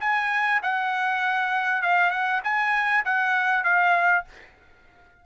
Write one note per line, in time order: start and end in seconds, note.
0.00 0.61 G#5
0.63 1.82 F#5
1.82 2.10 F5
2.10 2.41 F#5
2.44 3.04 G#5
3.05 3.64 F#5
3.64 4.24 F5